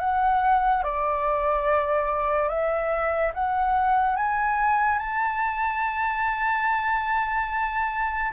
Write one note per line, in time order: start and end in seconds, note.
0.00 0.83 F#5
0.83 2.49 D5
2.49 3.32 E5
3.34 4.16 F#5
4.16 4.99 G#5
4.99 8.32 A5